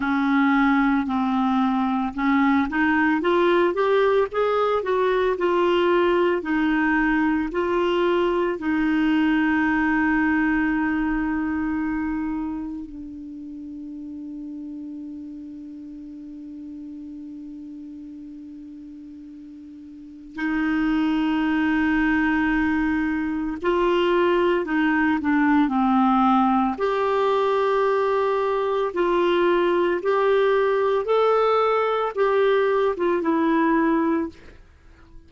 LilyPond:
\new Staff \with { instrumentName = "clarinet" } { \time 4/4 \tempo 4 = 56 cis'4 c'4 cis'8 dis'8 f'8 g'8 | gis'8 fis'8 f'4 dis'4 f'4 | dis'1 | d'1~ |
d'2. dis'4~ | dis'2 f'4 dis'8 d'8 | c'4 g'2 f'4 | g'4 a'4 g'8. f'16 e'4 | }